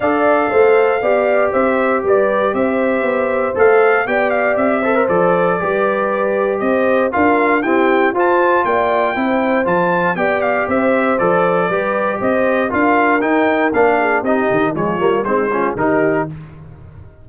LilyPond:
<<
  \new Staff \with { instrumentName = "trumpet" } { \time 4/4 \tempo 4 = 118 f''2. e''4 | d''4 e''2 f''4 | g''8 f''8 e''4 d''2~ | d''4 dis''4 f''4 g''4 |
a''4 g''2 a''4 | g''8 f''8 e''4 d''2 | dis''4 f''4 g''4 f''4 | dis''4 cis''4 c''4 ais'4 | }
  \new Staff \with { instrumentName = "horn" } { \time 4/4 d''4 c''4 d''4 c''4 | b'4 c''2. | d''4. c''4. b'4~ | b'4 c''4 ais'4 g'4 |
c''4 d''4 c''2 | d''4 c''2 b'4 | c''4 ais'2~ ais'8 gis'8 | g'4 f'4 dis'8 f'8 g'4 | }
  \new Staff \with { instrumentName = "trombone" } { \time 4/4 a'2 g'2~ | g'2. a'4 | g'4. a'16 ais'16 a'4 g'4~ | g'2 f'4 c'4 |
f'2 e'4 f'4 | g'2 a'4 g'4~ | g'4 f'4 dis'4 d'4 | dis'4 gis8 ais8 c'8 cis'8 dis'4 | }
  \new Staff \with { instrumentName = "tuba" } { \time 4/4 d'4 a4 b4 c'4 | g4 c'4 b4 a4 | b4 c'4 f4 g4~ | g4 c'4 d'4 e'4 |
f'4 ais4 c'4 f4 | b4 c'4 f4 g4 | c'4 d'4 dis'4 ais4 | c'8 dis8 f8 g8 gis4 dis4 | }
>>